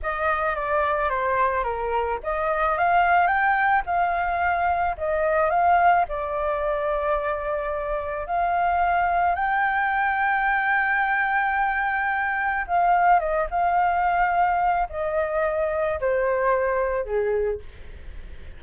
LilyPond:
\new Staff \with { instrumentName = "flute" } { \time 4/4 \tempo 4 = 109 dis''4 d''4 c''4 ais'4 | dis''4 f''4 g''4 f''4~ | f''4 dis''4 f''4 d''4~ | d''2. f''4~ |
f''4 g''2.~ | g''2. f''4 | dis''8 f''2~ f''8 dis''4~ | dis''4 c''2 gis'4 | }